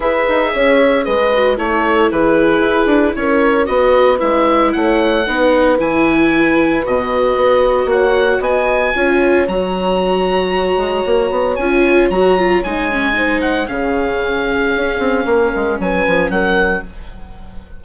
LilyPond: <<
  \new Staff \with { instrumentName = "oboe" } { \time 4/4 \tempo 4 = 114 e''2 dis''4 cis''4 | b'2 cis''4 dis''4 | e''4 fis''2 gis''4~ | gis''4 dis''2 fis''4 |
gis''2 ais''2~ | ais''2 gis''4 ais''4 | gis''4. fis''8 f''2~ | f''2 gis''4 fis''4 | }
  \new Staff \with { instrumentName = "horn" } { \time 4/4 b'4 cis''4 b'4 a'4 | gis'2 ais'4 b'4~ | b'4 cis''4 b'2~ | b'2. cis''4 |
dis''4 cis''2.~ | cis''1~ | cis''4 c''4 gis'2~ | gis'4 ais'4 b'4 ais'4 | }
  \new Staff \with { instrumentName = "viola" } { \time 4/4 gis'2~ gis'8 fis'8 e'4~ | e'2. fis'4 | e'2 dis'4 e'4~ | e'4 fis'2.~ |
fis'4 f'4 fis'2~ | fis'2 f'4 fis'8 f'8 | dis'8 cis'8 dis'4 cis'2~ | cis'1 | }
  \new Staff \with { instrumentName = "bassoon" } { \time 4/4 e'8 dis'8 cis'4 gis4 a4 | e4 e'8 d'8 cis'4 b4 | gis4 a4 b4 e4~ | e4 b,4 b4 ais4 |
b4 cis'4 fis2~ | fis8 gis8 ais8 b8 cis'4 fis4 | gis2 cis2 | cis'8 c'8 ais8 gis8 fis8 f8 fis4 | }
>>